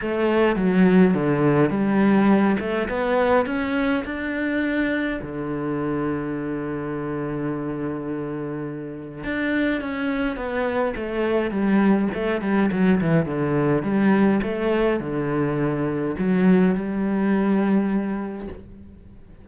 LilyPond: \new Staff \with { instrumentName = "cello" } { \time 4/4 \tempo 4 = 104 a4 fis4 d4 g4~ | g8 a8 b4 cis'4 d'4~ | d'4 d2.~ | d1 |
d'4 cis'4 b4 a4 | g4 a8 g8 fis8 e8 d4 | g4 a4 d2 | fis4 g2. | }